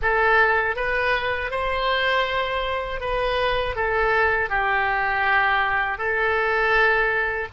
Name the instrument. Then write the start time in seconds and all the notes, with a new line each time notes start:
oboe
0.02 A4
0.76 B4
1.50 C5
3.00 B4
3.75 A4
4.49 G4
5.98 A4